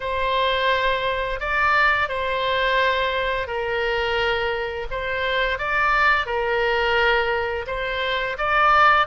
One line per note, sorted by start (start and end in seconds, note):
0.00 1.40 C5
1.40 2.08 D5
2.08 3.47 C5
3.47 4.86 A#4
4.90 5.58 C5
5.58 6.26 D5
6.26 7.65 A#4
7.66 8.36 C5
8.38 9.06 D5